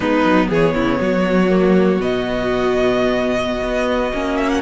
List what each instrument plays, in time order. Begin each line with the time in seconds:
0.00 cello G#3, viola B3, violin D#4 B4
0.24 cello F#3
0.49 cello E3, violin G#4 C#5
0.73 cello C#3, violin E4
1.00 cello F#3, violin F#4
1.49 viola A#3
1.99 cello B2, viola B3, violin D#5
3.62 cello B3
4.13 cello A#3, viola C#4
4.37 violin E5
4.49 violin F#5